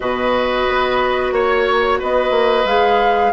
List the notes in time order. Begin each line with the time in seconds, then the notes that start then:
0.00 B2 F#4 B4 D#5
0.68 B3
1.31 A#3 C#5
1.99 B3 B4 D#5
2.30 A#3
2.64 G#3 G#4 F5